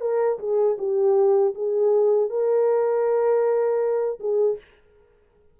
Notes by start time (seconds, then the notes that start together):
0.00 A#4
0.39 G#4
0.78 G4
1.54 G#4
2.29 A#4
4.19 G#4